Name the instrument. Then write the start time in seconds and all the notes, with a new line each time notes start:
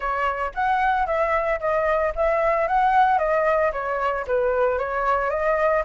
flute
0.00 C#5
0.54 F#5
1.06 E5
1.60 D#5
2.15 E5
2.67 F#5
3.18 D#5
3.72 C#5
4.27 B4
4.78 C#5
5.30 D#5